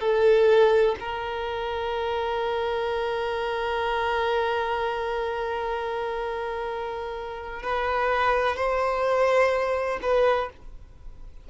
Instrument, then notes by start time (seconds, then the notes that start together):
violin
0.00 A4
1.00 A#4
7.63 B4
8.56 C5
10.02 B4